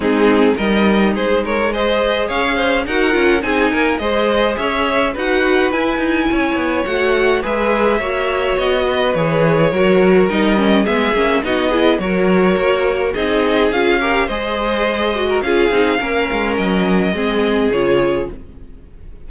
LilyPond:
<<
  \new Staff \with { instrumentName = "violin" } { \time 4/4 \tempo 4 = 105 gis'4 dis''4 c''8 cis''8 dis''4 | f''4 fis''4 gis''4 dis''4 | e''4 fis''4 gis''2 | fis''4 e''2 dis''4 |
cis''2 dis''4 e''4 | dis''4 cis''2 dis''4 | f''4 dis''2 f''4~ | f''4 dis''2 cis''4 | }
  \new Staff \with { instrumentName = "violin" } { \time 4/4 dis'4 ais'4 gis'8 ais'8 c''4 | cis''8 c''8 ais'4 gis'8 ais'8 c''4 | cis''4 b'2 cis''4~ | cis''4 b'4 cis''4. b'8~ |
b'4 ais'2 gis'4 | fis'8 gis'8 ais'2 gis'4~ | gis'8 ais'8 c''4.~ c''16 ais'16 gis'4 | ais'2 gis'2 | }
  \new Staff \with { instrumentName = "viola" } { \time 4/4 c'4 dis'2 gis'4~ | gis'4 fis'8 f'8 dis'4 gis'4~ | gis'4 fis'4 e'2 | fis'4 gis'4 fis'2 |
gis'4 fis'4 dis'8 cis'8 b8 cis'8 | dis'8 e'8 fis'2 dis'4 | f'8 g'8 gis'4. fis'8 f'8 dis'8 | cis'2 c'4 f'4 | }
  \new Staff \with { instrumentName = "cello" } { \time 4/4 gis4 g4 gis2 | cis'4 dis'8 cis'8 c'8 ais8 gis4 | cis'4 dis'4 e'8 dis'8 cis'8 b8 | a4 gis4 ais4 b4 |
e4 fis4 g4 gis8 ais8 | b4 fis4 ais4 c'4 | cis'4 gis2 cis'8 c'8 | ais8 gis8 fis4 gis4 cis4 | }
>>